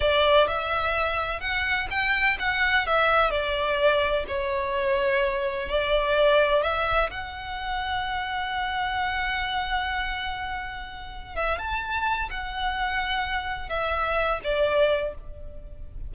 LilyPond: \new Staff \with { instrumentName = "violin" } { \time 4/4 \tempo 4 = 127 d''4 e''2 fis''4 | g''4 fis''4 e''4 d''4~ | d''4 cis''2. | d''2 e''4 fis''4~ |
fis''1~ | fis''1 | e''8 a''4. fis''2~ | fis''4 e''4. d''4. | }